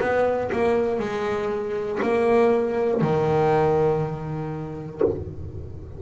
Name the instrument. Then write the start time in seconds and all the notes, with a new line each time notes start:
double bass
0.00 B3
0.52 A#3
0.99 G#3
2.02 A#3
3.01 D#3